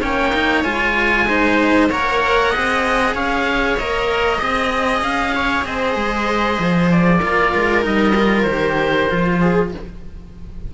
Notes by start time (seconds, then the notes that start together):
0.00 A#3 C#4 C#5 G5
0.33 D#4
0.63 G#3 F4 G#5
1.27 D#4 C5
1.89 A#3 A#4 C#5 F#5
2.50 G#4 D#5
2.57 C4
3.14 C#4 C#5 F5
3.77 A#3 A#4 D#5
4.38 C4 G#4 D#5
5.01 C#4 F5
5.35 C#5
5.64 C4 C5 D#5
5.95 G#3
6.59 F3
6.90 D5
7.18 A#3 F4 A#4
7.54 G#3
7.81 G3 D#4 D#5
8.15 F4
8.42 D#3 G4 C5
9.09 F3 F4
9.40 G#4